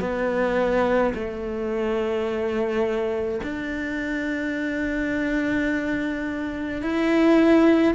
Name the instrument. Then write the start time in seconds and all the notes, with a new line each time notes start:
cello
0.00 B3
1.15 A3
3.43 D4
6.82 E4